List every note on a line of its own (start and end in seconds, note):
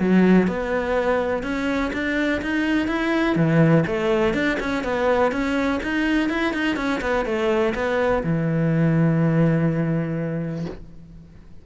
0.00 0.48 F#3
0.48 1.44 B3
1.44 1.92 C#4
1.94 2.42 D4
2.42 2.88 D#4
2.88 3.36 E4
3.36 3.85 E3
3.87 4.34 A3
4.34 4.58 D4
4.61 4.85 C#4
4.85 5.32 B3
5.32 5.81 C#4
5.84 6.30 D#4
6.30 6.54 E4
6.54 6.77 D#4
6.77 7.01 C#4
7.02 7.26 B3
7.26 7.74 A3
7.75 8.23 B3
8.24 10.66 E3